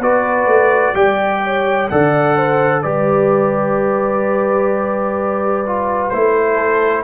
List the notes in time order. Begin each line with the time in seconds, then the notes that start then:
0.00 B3 F#4 B4 D5
0.46 A3
0.95 G3 G4 D5 G5
1.44 C#5
1.89 D3 A4 D5 F#5
2.37 C5
2.82 G3 G4 B4 D5
5.67 F4
6.09 A3 E4 C5
6.55 A4